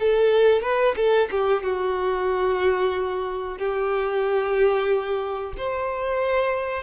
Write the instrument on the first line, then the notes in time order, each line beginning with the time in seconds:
violin
0.00 A4
0.63 B4
0.96 A4
1.31 G4
1.63 F#4
3.58 G4
5.58 C5